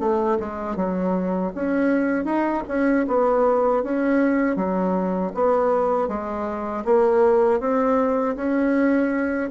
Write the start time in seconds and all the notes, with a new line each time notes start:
0.00 A3
0.40 G#3
0.76 F#3
1.55 C#4
2.25 D#4
2.68 C#4
3.08 B3
3.84 C#4
4.56 F#3
5.35 B3
6.08 G#3
6.85 A#3
7.60 C4
8.36 C#4